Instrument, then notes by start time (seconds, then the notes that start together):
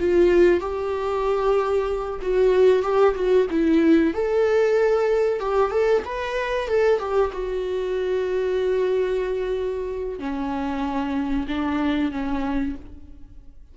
viola
0.00 F4
0.61 G4
2.22 F#4
2.83 G4
3.15 F#4
3.50 E4
4.14 A4
5.40 G4
5.71 A4
6.05 B4
6.68 A4
7.00 G4
7.32 F#4
10.19 C#4
11.48 D4
12.12 C#4